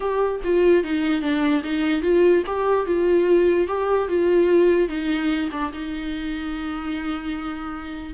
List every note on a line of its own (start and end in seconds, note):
0.00 0.41 G4
0.44 0.83 F4
0.83 1.21 D#4
1.21 1.62 D4
1.63 2.02 D#4
2.02 2.43 F4
2.46 2.86 G4
2.86 3.67 F4
3.67 4.08 G4
4.08 4.88 F4
4.88 5.49 D#4
5.51 5.71 D4
5.73 8.13 D#4